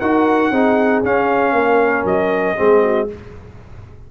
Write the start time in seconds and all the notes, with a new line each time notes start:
0.00 D#4 F#4 A#4 F#5
0.51 C4 D#4 G#4
1.02 C#4 F5
1.53 A#3 A#4
2.05 F#3 D#5
2.56 G#3 C4 G#4
2.82 F#4